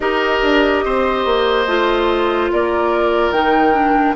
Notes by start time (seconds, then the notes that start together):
0.00 D#4 G4 A#4 D#5
0.42 D4
0.84 C4 C5
1.25 A#3
1.66 A3 F4
2.52 A#3 A#4 D5
3.30 D#3 D#4 G5
3.73 D4